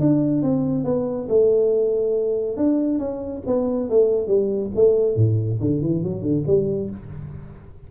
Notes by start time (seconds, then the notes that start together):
0.00 D4
0.43 C4
0.84 B3
1.29 A3
2.57 D4
2.99 C#4
3.46 B3
3.89 A3
4.27 G3
4.75 A3
5.16 A2
5.60 D3
5.82 E3
6.03 F#3
6.22 D3
6.47 G3